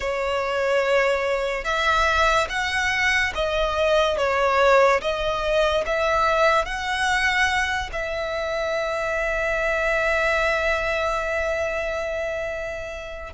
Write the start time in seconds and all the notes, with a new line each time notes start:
0.00 C#5
1.64 E5
2.49 F#5
3.34 D#5
4.17 C#5
5.01 D#5
5.86 E5
6.65 F#5
7.92 E5